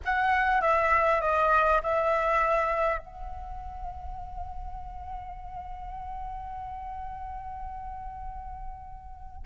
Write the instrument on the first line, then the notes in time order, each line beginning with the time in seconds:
flute
0.04 F#5
0.61 E5
1.21 D#5
1.82 E5
2.98 F#5